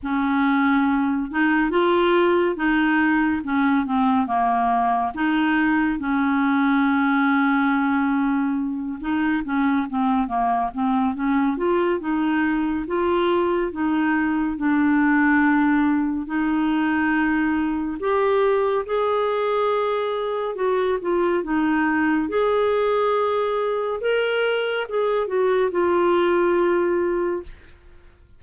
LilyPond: \new Staff \with { instrumentName = "clarinet" } { \time 4/4 \tempo 4 = 70 cis'4. dis'8 f'4 dis'4 | cis'8 c'8 ais4 dis'4 cis'4~ | cis'2~ cis'8 dis'8 cis'8 c'8 | ais8 c'8 cis'8 f'8 dis'4 f'4 |
dis'4 d'2 dis'4~ | dis'4 g'4 gis'2 | fis'8 f'8 dis'4 gis'2 | ais'4 gis'8 fis'8 f'2 | }